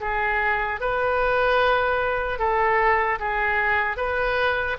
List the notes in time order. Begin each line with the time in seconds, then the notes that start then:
0.00 G#4
0.80 B4
2.39 A4
3.20 G#4
3.96 B4